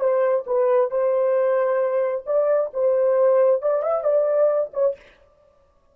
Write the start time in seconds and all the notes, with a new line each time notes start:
0.00 C5
0.47 B4
0.91 C5
2.26 D5
2.74 C5
3.62 D5
3.83 E5
4.04 D5
4.73 C#5